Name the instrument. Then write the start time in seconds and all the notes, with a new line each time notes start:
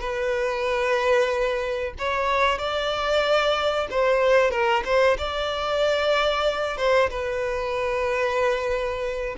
violin
0.00 B4
1.98 C#5
2.58 D5
3.90 C5
4.51 A#4
4.85 C5
5.18 D5
6.77 C5
7.10 B4